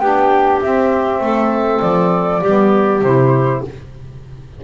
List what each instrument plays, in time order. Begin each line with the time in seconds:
0.00 double bass B3, saxophone D4, clarinet G4, flute G5
0.62 saxophone C4, double bass C4, flute E5
1.21 double bass A3, clarinet A4
1.81 double bass F3, flute D5
2.42 double bass G3, saxophone B3, clarinet G4
3.02 double bass C3, saxophone E4, flute C5